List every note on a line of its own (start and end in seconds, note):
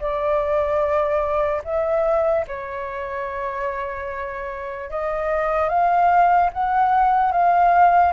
0.00 1.62 D5
1.64 2.45 E5
2.48 4.90 C#5
4.90 5.69 D#5
5.69 6.50 F5
6.53 7.32 F#5
7.32 8.13 F5